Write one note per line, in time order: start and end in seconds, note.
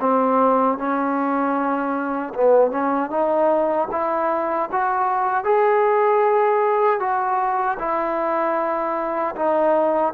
0.00 0.77 C4
0.77 2.33 C#4
2.34 2.71 B3
2.71 3.10 C#4
3.10 3.88 D#4
3.91 4.69 E4
4.71 5.44 F#4
5.44 6.99 G#4
6.99 7.77 F#4
7.79 9.35 E4
9.35 10.13 D#4